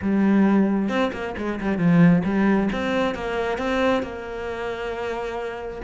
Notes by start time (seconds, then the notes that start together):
0.01 G3
0.89 C4
1.13 A#3
1.37 G#3
1.60 G3
1.77 F3
2.24 G3
2.72 C4
3.14 A#3
3.57 C4
4.02 A#3